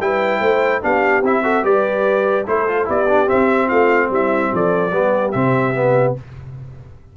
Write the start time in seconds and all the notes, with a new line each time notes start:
0.00 G3 E4 B4 G5
0.40 A3 C5
0.81 B3 D4 G4 F5
1.22 C4 E4 E5
1.43 F#4 A4
1.63 G3 G4 B4 D5
2.46 A3 E4 A4 C5
2.67 F4
2.85 B3 E4 G4 D5
3.08 D4
3.26 C4 E5
3.66 A3 F4 F5
4.10 G3 E4 E5
4.52 F3 A4 D5
4.92 G3 B3 G4
5.31 C3 C4 E5
5.74 B3